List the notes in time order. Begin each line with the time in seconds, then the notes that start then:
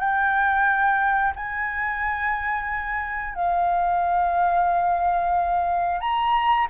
0.00 G5
1.36 G#5
3.35 F5
6.01 A#5